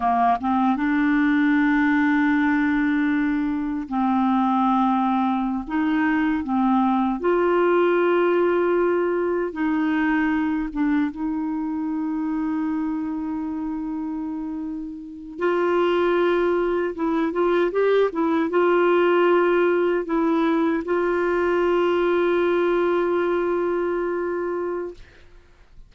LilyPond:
\new Staff \with { instrumentName = "clarinet" } { \time 4/4 \tempo 4 = 77 ais8 c'8 d'2.~ | d'4 c'2~ c'16 dis'8.~ | dis'16 c'4 f'2~ f'8.~ | f'16 dis'4. d'8 dis'4.~ dis'16~ |
dis'2.~ dis'8. f'16~ | f'4.~ f'16 e'8 f'8 g'8 e'8 f'16~ | f'4.~ f'16 e'4 f'4~ f'16~ | f'1 | }